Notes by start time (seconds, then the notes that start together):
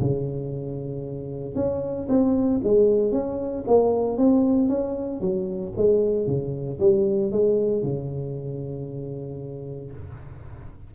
0.00 C#3
1.55 C#4
2.09 C4
2.64 G#3
3.12 C#4
3.67 A#3
4.18 C4
4.69 C#4
5.21 F#3
5.77 G#3
6.27 C#3
6.80 G3
7.32 G#3
7.83 C#3